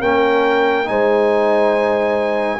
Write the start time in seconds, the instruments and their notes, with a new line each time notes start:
0.00 tuba A#3, trombone C#4, horn A#4, trumpet G5
0.85 tuba G#3, trombone D#4, horn C5, trumpet G#5